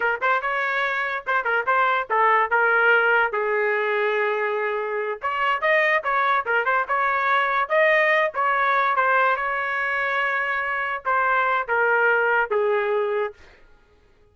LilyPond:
\new Staff \with { instrumentName = "trumpet" } { \time 4/4 \tempo 4 = 144 ais'8 c''8 cis''2 c''8 ais'8 | c''4 a'4 ais'2 | gis'1~ | gis'8 cis''4 dis''4 cis''4 ais'8 |
c''8 cis''2 dis''4. | cis''4. c''4 cis''4.~ | cis''2~ cis''8 c''4. | ais'2 gis'2 | }